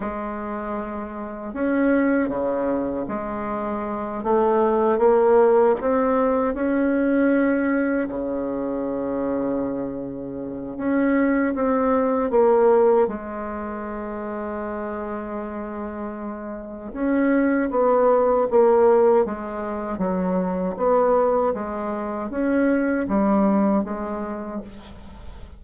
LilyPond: \new Staff \with { instrumentName = "bassoon" } { \time 4/4 \tempo 4 = 78 gis2 cis'4 cis4 | gis4. a4 ais4 c'8~ | c'8 cis'2 cis4.~ | cis2 cis'4 c'4 |
ais4 gis2.~ | gis2 cis'4 b4 | ais4 gis4 fis4 b4 | gis4 cis'4 g4 gis4 | }